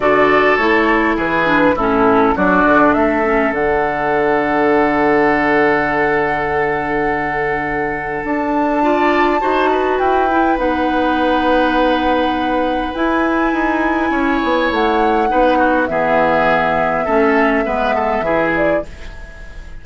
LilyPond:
<<
  \new Staff \with { instrumentName = "flute" } { \time 4/4 \tempo 4 = 102 d''4 cis''4 b'4 a'4 | d''4 e''4 fis''2~ | fis''1~ | fis''2 a''2~ |
a''4 g''4 fis''2~ | fis''2 gis''2~ | gis''4 fis''2 e''4~ | e''2.~ e''8 d''8 | }
  \new Staff \with { instrumentName = "oboe" } { \time 4/4 a'2 gis'4 e'4 | fis'4 a'2.~ | a'1~ | a'2. d''4 |
c''8 b'2.~ b'8~ | b'1 | cis''2 b'8 fis'8 gis'4~ | gis'4 a'4 b'8 a'8 gis'4 | }
  \new Staff \with { instrumentName = "clarinet" } { \time 4/4 fis'4 e'4. d'8 cis'4 | d'4. cis'8 d'2~ | d'1~ | d'2. f'4 |
fis'4. e'8 dis'2~ | dis'2 e'2~ | e'2 dis'4 b4~ | b4 cis'4 b4 e'4 | }
  \new Staff \with { instrumentName = "bassoon" } { \time 4/4 d4 a4 e4 a,4 | fis8 d8 a4 d2~ | d1~ | d2 d'2 |
dis'4 e'4 b2~ | b2 e'4 dis'4 | cis'8 b8 a4 b4 e4~ | e4 a4 gis4 e4 | }
>>